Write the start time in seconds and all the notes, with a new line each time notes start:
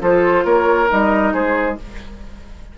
0.00 F3 F4 A4 C5
0.45 A#3 A#4 C#5
0.88 G3 D#4 D#5
1.34 G#3 G#4 C5